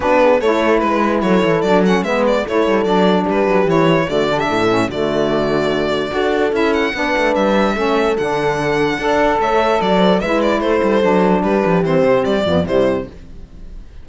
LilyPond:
<<
  \new Staff \with { instrumentName = "violin" } { \time 4/4 \tempo 4 = 147 b'4 cis''4 b'4 cis''4 | d''8 fis''8 e''8 d''8 cis''4 d''4 | b'4 cis''4 d''8. e''4~ e''16 | d''1 |
e''8 fis''4. e''2 | fis''2. e''4 | d''4 e''8 d''8 c''2 | b'4 c''4 d''4 c''4 | }
  \new Staff \with { instrumentName = "horn" } { \time 4/4 fis'8 gis'8 a'4 b'4 a'4~ | a'4 b'4 a'2 | g'2 fis'8. g'16 a'4 | fis'2. a'4~ |
a'4 b'2 a'4~ | a'2 d''4 cis''4 | d''8 c''8 b'4 a'2 | g'2~ g'8 f'8 e'4 | }
  \new Staff \with { instrumentName = "saxophone" } { \time 4/4 d'4 e'2. | d'8 cis'8 b4 e'4 d'4~ | d'4 e'4 a8 d'4 cis'8 | a2. fis'4 |
e'4 d'2 cis'4 | d'2 a'2~ | a'4 e'2 d'4~ | d'4 c'4. b8 g4 | }
  \new Staff \with { instrumentName = "cello" } { \time 4/4 b4 a4 gis4 fis8 e8 | fis4 gis4 a8 g8 fis4 | g8 fis8 e4 d4 a,4 | d2. d'4 |
cis'4 b8 a8 g4 a4 | d2 d'4 a4 | fis4 gis4 a8 g8 fis4 | g8 f8 e8 c8 g8 f,8 c4 | }
>>